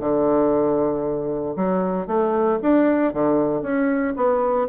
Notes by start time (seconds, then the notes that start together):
0.00 D3
1.56 F#3
2.07 A3
2.62 D4
3.13 D3
3.62 C#4
4.16 B3